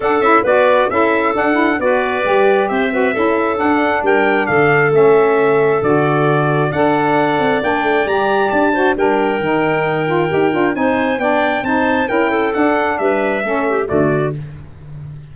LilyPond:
<<
  \new Staff \with { instrumentName = "trumpet" } { \time 4/4 \tempo 4 = 134 fis''8 e''8 d''4 e''4 fis''4 | d''2 e''2 | fis''4 g''4 f''4 e''4~ | e''4 d''2 fis''4~ |
fis''4 g''4 ais''4 a''4 | g''1 | gis''4 g''4 a''4 g''4 | fis''4 e''2 d''4 | }
  \new Staff \with { instrumentName = "clarinet" } { \time 4/4 a'4 b'4 a'2 | b'2 c''8 b'8 a'4~ | a'4 ais'4 a'2~ | a'2. d''4~ |
d''2.~ d''8 c''8 | ais'1 | c''4 d''4 c''4 ais'8 a'8~ | a'4 b'4 a'8 g'8 fis'4 | }
  \new Staff \with { instrumentName = "saxophone" } { \time 4/4 d'8 e'8 fis'4 e'4 d'8 e'8 | fis'4 g'4. fis'8 e'4 | d'2. cis'4~ | cis'4 fis'2 a'4~ |
a'4 d'4 g'4. fis'8 | d'4 dis'4. f'8 g'8 f'8 | dis'4 d'4 dis'4 e'4 | d'2 cis'4 a4 | }
  \new Staff \with { instrumentName = "tuba" } { \time 4/4 d'8 cis'8 b4 cis'4 d'4 | b4 g4 c'4 cis'4 | d'4 g4 d4 a4~ | a4 d2 d'4~ |
d'8 c'8 ais8 a8 g4 d'4 | g4 dis2 dis'8 d'8 | c'4 b4 c'4 cis'4 | d'4 g4 a4 d4 | }
>>